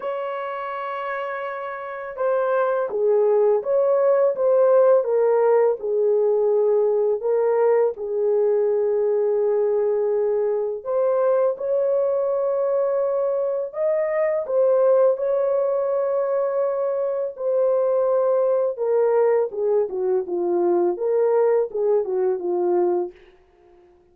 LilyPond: \new Staff \with { instrumentName = "horn" } { \time 4/4 \tempo 4 = 83 cis''2. c''4 | gis'4 cis''4 c''4 ais'4 | gis'2 ais'4 gis'4~ | gis'2. c''4 |
cis''2. dis''4 | c''4 cis''2. | c''2 ais'4 gis'8 fis'8 | f'4 ais'4 gis'8 fis'8 f'4 | }